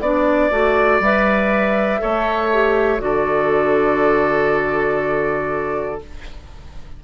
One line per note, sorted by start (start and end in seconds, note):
0.00 0.50 B3
0.00 0.50 D4
0.00 1.00 D5
0.00 2.01 D5
0.50 0.99 A3
0.50 1.00 F#4
0.99 1.99 G3
0.99 1.99 B4
0.99 3.00 E5
1.99 3.01 A3
1.99 2.49 A4
1.99 3.01 C#5
2.52 2.98 G4
2.98 6.01 D3
2.98 5.98 F#4
2.98 6.03 A4
2.98 6.00 D5